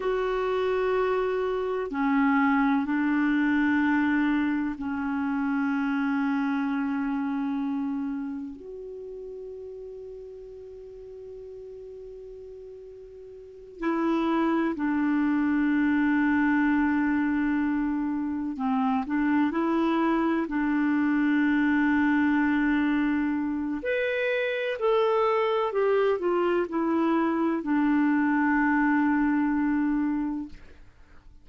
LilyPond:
\new Staff \with { instrumentName = "clarinet" } { \time 4/4 \tempo 4 = 63 fis'2 cis'4 d'4~ | d'4 cis'2.~ | cis'4 fis'2.~ | fis'2~ fis'8 e'4 d'8~ |
d'2.~ d'8 c'8 | d'8 e'4 d'2~ d'8~ | d'4 b'4 a'4 g'8 f'8 | e'4 d'2. | }